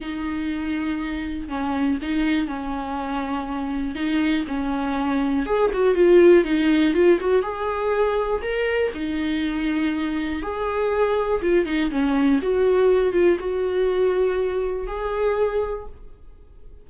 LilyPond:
\new Staff \with { instrumentName = "viola" } { \time 4/4 \tempo 4 = 121 dis'2. cis'4 | dis'4 cis'2. | dis'4 cis'2 gis'8 fis'8 | f'4 dis'4 f'8 fis'8 gis'4~ |
gis'4 ais'4 dis'2~ | dis'4 gis'2 f'8 dis'8 | cis'4 fis'4. f'8 fis'4~ | fis'2 gis'2 | }